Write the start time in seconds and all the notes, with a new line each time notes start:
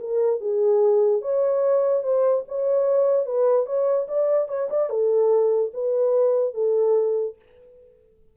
0.00 A#4
0.40 G#4
1.22 C#5
2.03 C5
2.48 C#5
3.26 B4
3.66 C#5
4.08 D5
4.48 C#5
4.70 D5
4.90 A4
5.74 B4
6.54 A4